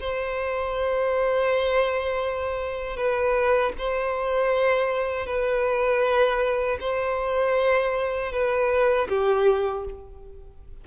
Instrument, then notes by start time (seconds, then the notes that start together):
violin
0.00 C5
2.96 B4
3.78 C5
5.26 B4
6.80 C5
8.32 B4
9.08 G4